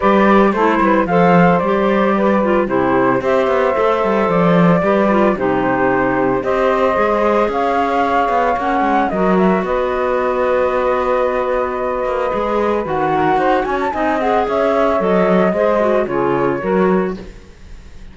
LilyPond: <<
  \new Staff \with { instrumentName = "flute" } { \time 4/4 \tempo 4 = 112 d''4 c''4 f''4 d''4~ | d''4 c''4 e''2 | d''2 c''2 | dis''2 f''2 |
fis''4 dis''8 e''8 dis''2~ | dis''1 | fis''4. gis''16 a''16 gis''8 fis''8 e''4 | dis''2 cis''2 | }
  \new Staff \with { instrumentName = "saxophone" } { \time 4/4 b'4 a'8 b'8 c''2 | b'4 g'4 c''2~ | c''4 b'4 g'2 | c''2 cis''2~ |
cis''4 ais'4 b'2~ | b'1~ | b'8 ais'8 c''8 cis''8 dis''4 cis''4~ | cis''4 c''4 gis'4 ais'4 | }
  \new Staff \with { instrumentName = "clarinet" } { \time 4/4 g'4 e'4 a'4 g'4~ | g'8 f'8 e'4 g'4 a'4~ | a'4 g'8 f'8 dis'2 | g'4 gis'2. |
cis'4 fis'2.~ | fis'2. gis'4 | fis'2 dis'8 gis'4. | a'4 gis'8 fis'8 f'4 fis'4 | }
  \new Staff \with { instrumentName = "cello" } { \time 4/4 g4 a8 g8 f4 g4~ | g4 c4 c'8 b8 a8 g8 | f4 g4 c2 | c'4 gis4 cis'4. b8 |
ais8 gis8 fis4 b2~ | b2~ b8 ais8 gis4 | dis4 dis'8 cis'8 c'4 cis'4 | fis4 gis4 cis4 fis4 | }
>>